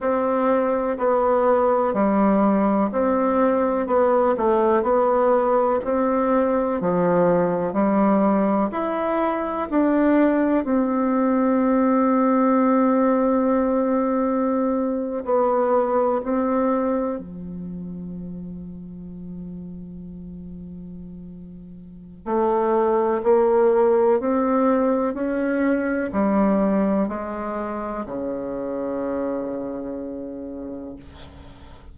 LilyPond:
\new Staff \with { instrumentName = "bassoon" } { \time 4/4 \tempo 4 = 62 c'4 b4 g4 c'4 | b8 a8 b4 c'4 f4 | g4 e'4 d'4 c'4~ | c'2.~ c'8. b16~ |
b8. c'4 f2~ f16~ | f2. a4 | ais4 c'4 cis'4 g4 | gis4 cis2. | }